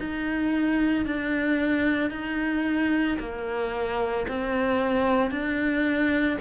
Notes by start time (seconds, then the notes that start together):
0.00 D#4
1.06 D4
2.11 D#4
3.19 A#3
4.29 C4
5.31 D4